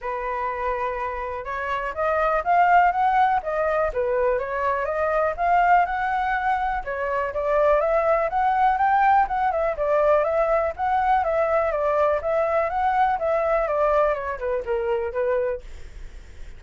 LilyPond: \new Staff \with { instrumentName = "flute" } { \time 4/4 \tempo 4 = 123 b'2. cis''4 | dis''4 f''4 fis''4 dis''4 | b'4 cis''4 dis''4 f''4 | fis''2 cis''4 d''4 |
e''4 fis''4 g''4 fis''8 e''8 | d''4 e''4 fis''4 e''4 | d''4 e''4 fis''4 e''4 | d''4 cis''8 b'8 ais'4 b'4 | }